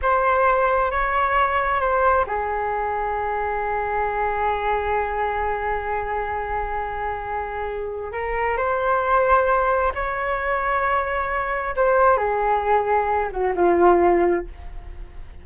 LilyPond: \new Staff \with { instrumentName = "flute" } { \time 4/4 \tempo 4 = 133 c''2 cis''2 | c''4 gis'2.~ | gis'1~ | gis'1~ |
gis'2 ais'4 c''4~ | c''2 cis''2~ | cis''2 c''4 gis'4~ | gis'4. fis'8 f'2 | }